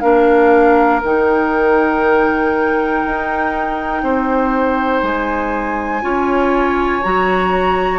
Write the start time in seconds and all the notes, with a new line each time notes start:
0.00 A#3 D4 A#4 F5
1.04 D#3 D#4 G5
3.05 D#4
4.02 C4 C5
5.02 G#3 G#5
6.02 C#4 F4 C#5
7.02 F#3 F#4 A#5